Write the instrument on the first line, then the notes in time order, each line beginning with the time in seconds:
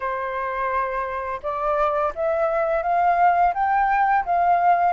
flute
0.00 C5
1.42 D5
2.15 E5
2.82 F5
3.54 G5
4.25 F5